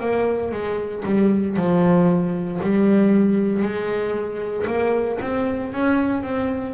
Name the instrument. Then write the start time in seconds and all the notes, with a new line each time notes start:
double bass
0.00 A#3
0.52 G#3
1.05 G3
1.57 F3
2.62 G3
3.63 G#3
4.67 A#3
5.21 C4
5.72 C#4
6.23 C4